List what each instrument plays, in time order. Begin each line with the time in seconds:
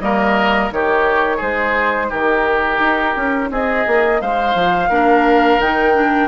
0.00 bassoon G3, clarinet A#3, oboe A#4, flute D#5
0.71 bassoon D#3, clarinet D#4, oboe G4, flute C#5
1.36 bassoon G#3, oboe G#4, flute C5
2.09 bassoon D#3, oboe G4, flute A#4
2.79 bassoon D#4
3.16 bassoon C#4
3.50 bassoon C4, oboe G#4, flute D#5
3.86 bassoon A#3
4.21 bassoon G#3, oboe C5, flute F5
4.54 bassoon F3
4.89 bassoon A#3, clarinet D4, oboe A#4
5.59 bassoon D#3, clarinet D#4, flute G5
5.94 clarinet D4